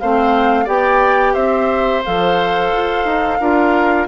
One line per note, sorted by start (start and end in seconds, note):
0.00 0.67 A3
0.00 0.67 C4
0.00 0.65 C5
0.00 0.68 F5
0.65 1.36 B3
0.65 2.03 G4
0.65 1.33 D5
0.65 1.34 G5
1.34 2.04 C4
1.34 3.38 C5
1.34 2.03 E5
2.05 2.73 F3
2.05 3.41 A4
2.05 4.08 F5
2.73 3.05 F4
3.05 3.39 D#4
3.40 4.08 D4
3.40 4.08 F4
3.40 4.08 A#4